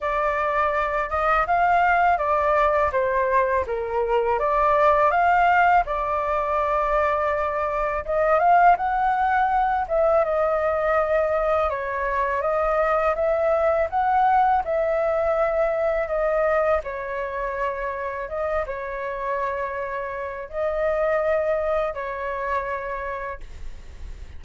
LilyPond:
\new Staff \with { instrumentName = "flute" } { \time 4/4 \tempo 4 = 82 d''4. dis''8 f''4 d''4 | c''4 ais'4 d''4 f''4 | d''2. dis''8 f''8 | fis''4. e''8 dis''2 |
cis''4 dis''4 e''4 fis''4 | e''2 dis''4 cis''4~ | cis''4 dis''8 cis''2~ cis''8 | dis''2 cis''2 | }